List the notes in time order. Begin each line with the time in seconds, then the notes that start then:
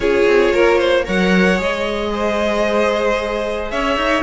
0.00 C#4 F4 G#4 C#5
0.26 C4
0.53 A#3 A#4
0.77 C5
1.04 F#3 A#4 C#5 F#5
1.56 G#3 G#4 D#5
2.13 C5
3.70 C#4 C#5 E5
3.96 D#4